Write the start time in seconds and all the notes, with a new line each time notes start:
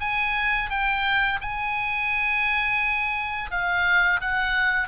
0.00 G#5
0.70 G5
1.41 G#5
3.51 F5
4.21 F#5